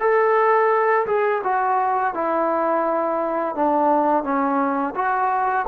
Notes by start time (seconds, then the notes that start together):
0.00 A4
1.06 G#4
1.43 F#4
2.14 E4
3.55 D4
4.23 C#4
4.95 F#4